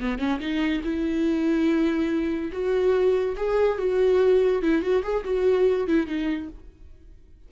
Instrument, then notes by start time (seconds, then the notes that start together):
viola
0.00 B3
0.19 C#4
0.40 D#4
0.84 E4
2.52 F#4
3.37 G#4
3.78 F#4
4.62 E4
4.82 F#4
5.03 G#4
5.24 F#4
5.87 E4
6.07 D#4